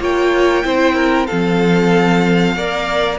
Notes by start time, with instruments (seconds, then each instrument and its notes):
0.00 cello A#3, viola F4, violin C#5 G5
0.63 cello C4, viola E4, violin C5
0.95 violin A#4
1.26 cello F3, viola C4, violin A4 F5
2.55 cello A#3, viola A#4, violin D5